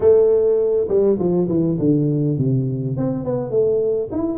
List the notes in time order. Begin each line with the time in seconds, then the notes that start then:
0.00 A3
0.88 G3
1.18 F3
1.48 E3
1.78 D3
2.37 C3
2.96 C4
3.24 B3
3.50 A3
4.11 E4